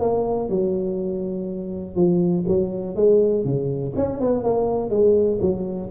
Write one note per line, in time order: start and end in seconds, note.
0.00 0.49 A#3
0.49 1.96 F#3
1.96 2.45 F3
2.48 2.96 F#3
2.96 3.44 G#3
3.44 3.93 C#3
3.96 4.20 C#4
4.20 4.44 B3
4.44 4.90 A#3
4.90 5.39 G#3
5.41 5.90 F#3